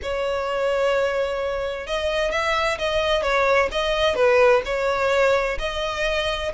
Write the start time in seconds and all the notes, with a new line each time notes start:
0.02 C#5
1.86 D#5
2.31 E5
2.78 D#5
3.22 C#5
3.71 D#5
4.15 B4
4.65 C#5
5.58 D#5